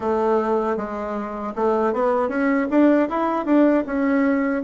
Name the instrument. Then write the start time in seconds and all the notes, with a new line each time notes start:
bassoon
0.00 A3
0.77 G#3
1.55 A3
1.93 B3
2.29 C#4
2.70 D4
3.09 E4
3.45 D4
3.85 C#4